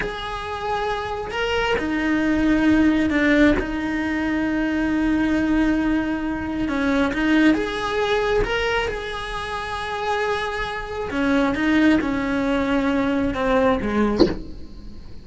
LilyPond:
\new Staff \with { instrumentName = "cello" } { \time 4/4 \tempo 4 = 135 gis'2. ais'4 | dis'2. d'4 | dis'1~ | dis'2. cis'4 |
dis'4 gis'2 ais'4 | gis'1~ | gis'4 cis'4 dis'4 cis'4~ | cis'2 c'4 gis4 | }